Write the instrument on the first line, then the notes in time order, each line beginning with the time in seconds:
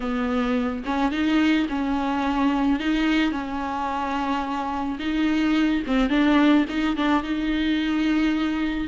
viola
0.00 B3
0.85 C#4
1.11 D#4
1.69 C#4
2.79 D#4
3.31 C#4
4.99 D#4
5.86 C4
6.09 D4
6.69 D#4
6.96 D4
7.23 D#4